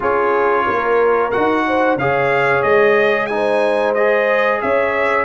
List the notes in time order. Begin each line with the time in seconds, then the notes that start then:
0.00 C#4 F4 G#4 C#5
0.67 A#3 A#4
1.31 D#4 F#4 F#5
1.67 C5
1.96 C#3 G#4 C#5 F5
2.62 G#3 D#5
3.26 D#4 G#5
3.33 C5
3.94 G#4 D#5
4.61 C#4 C#5 E5